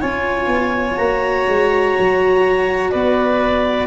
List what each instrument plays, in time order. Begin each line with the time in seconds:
0.00 tuba C#4, cello F4, violin C#5, clarinet G#5
0.46 tuba B3
0.97 tuba A#3, cello F#4, clarinet A#5
1.47 tuba G#3
1.98 tuba F#3
2.90 tuba B3, violin B4, clarinet D5